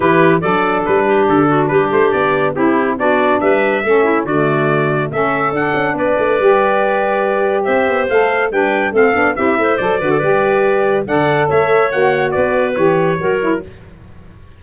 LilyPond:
<<
  \new Staff \with { instrumentName = "trumpet" } { \time 4/4 \tempo 4 = 141 b'4 d''4 b'4 a'4 | b'8 c''8 d''4 g'4 d''4 | e''2 d''2 | e''4 fis''4 d''2~ |
d''2 e''4 f''4 | g''4 f''4 e''4 d''4~ | d''2 fis''4 e''4 | fis''4 d''4 cis''2 | }
  \new Staff \with { instrumentName = "clarinet" } { \time 4/4 g'4 a'4. g'4 fis'8 | g'2 e'4 fis'4 | b'4 a'8 e'8 fis'2 | a'2 b'2~ |
b'2 c''2 | b'4 a'4 g'8 c''4 b'16 a'16 | b'2 d''4 cis''4~ | cis''4 b'2 ais'4 | }
  \new Staff \with { instrumentName = "saxophone" } { \time 4/4 e'4 d'2.~ | d'2 e'4 d'4~ | d'4 cis'4 a2 | cis'4 d'2 g'4~ |
g'2. a'4 | d'4 c'8 d'8 e'4 a'8 fis'8 | g'2 a'2 | fis'2 g'4 fis'8 e'8 | }
  \new Staff \with { instrumentName = "tuba" } { \time 4/4 e4 fis4 g4 d4 | g8 a8 b4 c'4 b4 | g4 a4 d2 | a4 d'8 cis'8 b8 a8 g4~ |
g2 c'8 b8 a4 | g4 a8 b8 c'8 a8 fis8 d8 | g2 d4 a4 | ais4 b4 e4 fis4 | }
>>